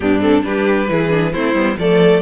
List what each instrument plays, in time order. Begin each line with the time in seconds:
0.00 cello G2, viola B3, violin D4 G4
0.20 viola C4, violin A4
0.42 cello G3, viola D4, violin G4 B4
0.88 cello E3, viola E4, violin G#4
1.09 viola D4
1.32 cello A3, viola C4, violin E4 C5
1.54 cello G3, viola B3
1.77 cello F3, viola A3, violin A4 D5